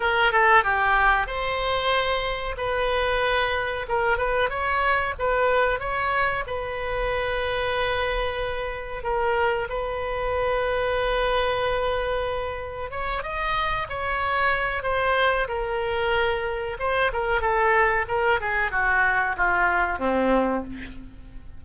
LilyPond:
\new Staff \with { instrumentName = "oboe" } { \time 4/4 \tempo 4 = 93 ais'8 a'8 g'4 c''2 | b'2 ais'8 b'8 cis''4 | b'4 cis''4 b'2~ | b'2 ais'4 b'4~ |
b'1 | cis''8 dis''4 cis''4. c''4 | ais'2 c''8 ais'8 a'4 | ais'8 gis'8 fis'4 f'4 c'4 | }